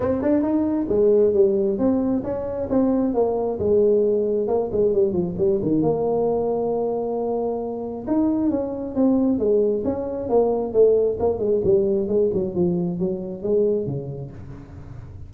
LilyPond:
\new Staff \with { instrumentName = "tuba" } { \time 4/4 \tempo 4 = 134 c'8 d'8 dis'4 gis4 g4 | c'4 cis'4 c'4 ais4 | gis2 ais8 gis8 g8 f8 | g8 dis8 ais2.~ |
ais2 dis'4 cis'4 | c'4 gis4 cis'4 ais4 | a4 ais8 gis8 g4 gis8 fis8 | f4 fis4 gis4 cis4 | }